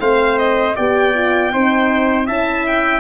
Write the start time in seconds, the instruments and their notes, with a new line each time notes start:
0.00 tuba A3, horn C4, trumpet C5, violin F5
0.38 violin D#5
0.75 tuba B3, horn G4, trumpet D5, violin G5
1.14 horn F4
1.51 tuba C4, horn D#4, trumpet C5
2.26 tuba C#4, horn E4, trumpet E5, violin A5
2.66 violin G5